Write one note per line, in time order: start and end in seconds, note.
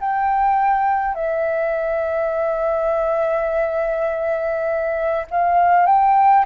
0.00 1.14 G5
1.14 5.26 E5
5.30 5.86 F5
5.86 6.45 G5